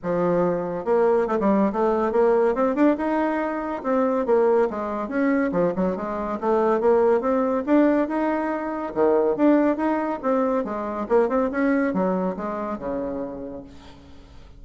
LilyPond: \new Staff \with { instrumentName = "bassoon" } { \time 4/4 \tempo 4 = 141 f2 ais4 a16 g8. | a4 ais4 c'8 d'8 dis'4~ | dis'4 c'4 ais4 gis4 | cis'4 f8 fis8 gis4 a4 |
ais4 c'4 d'4 dis'4~ | dis'4 dis4 d'4 dis'4 | c'4 gis4 ais8 c'8 cis'4 | fis4 gis4 cis2 | }